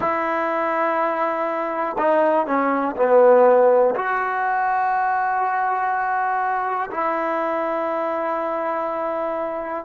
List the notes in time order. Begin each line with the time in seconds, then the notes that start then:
0.00 E4
1.98 D#4
2.46 C#4
2.96 B3
3.95 F#4
6.91 E4